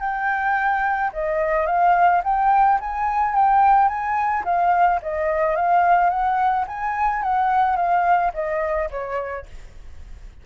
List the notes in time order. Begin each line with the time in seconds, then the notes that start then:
0.00 G5
1.13 D#5
1.67 F5
2.24 G5
2.80 G#5
3.35 G5
3.88 G#5
4.45 F5
5.03 D#5
5.56 F5
6.10 F#5
6.68 G#5
7.23 F#5
7.77 F5
8.34 D#5
8.91 C#5